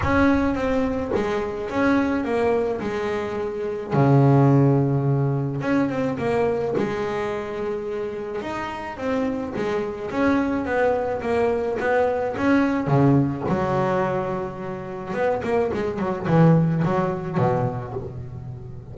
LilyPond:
\new Staff \with { instrumentName = "double bass" } { \time 4/4 \tempo 4 = 107 cis'4 c'4 gis4 cis'4 | ais4 gis2 cis4~ | cis2 cis'8 c'8 ais4 | gis2. dis'4 |
c'4 gis4 cis'4 b4 | ais4 b4 cis'4 cis4 | fis2. b8 ais8 | gis8 fis8 e4 fis4 b,4 | }